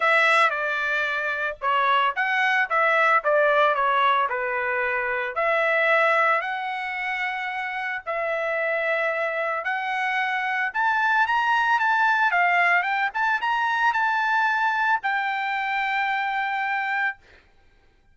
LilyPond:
\new Staff \with { instrumentName = "trumpet" } { \time 4/4 \tempo 4 = 112 e''4 d''2 cis''4 | fis''4 e''4 d''4 cis''4 | b'2 e''2 | fis''2. e''4~ |
e''2 fis''2 | a''4 ais''4 a''4 f''4 | g''8 a''8 ais''4 a''2 | g''1 | }